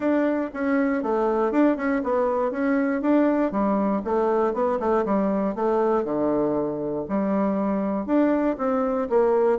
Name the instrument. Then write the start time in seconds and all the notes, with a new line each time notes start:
bassoon
0.00 D4
0.53 C#4
1.02 A3
1.51 D4
1.76 C#4
2.03 B3
2.51 C#4
3.01 D4
3.51 G3
4.04 A3
4.53 B3
4.79 A3
5.05 G3
5.55 A3
6.04 D3
7.08 G3
8.05 D4
8.58 C4
9.09 A#3